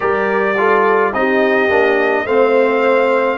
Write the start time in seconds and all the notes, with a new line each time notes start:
0.00 G3 G4 A#4 D5
0.57 F4 A4
1.13 C4 D#4 G4 D#5
1.69 A#3 D4
2.25 A3 C4 C5 F5